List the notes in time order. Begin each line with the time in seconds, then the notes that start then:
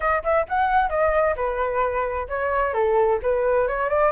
0.00 D#5
0.23 E5
0.48 F#5
0.89 D#5
1.35 B4
2.28 C#5
2.73 A4
3.22 B4
3.67 C#5
3.89 D5